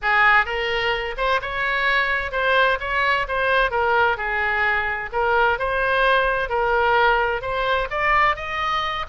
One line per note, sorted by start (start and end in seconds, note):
0.02 0.45 G#4
0.45 1.15 A#4
1.17 1.40 C5
1.41 2.31 C#5
2.31 2.78 C5
2.80 3.26 C#5
3.27 3.71 C5
3.71 4.17 A#4
4.17 5.10 G#4
5.12 5.58 A#4
5.58 6.49 C5
6.49 7.41 A#4
7.41 7.88 C5
7.90 8.36 D5
8.36 9.05 D#5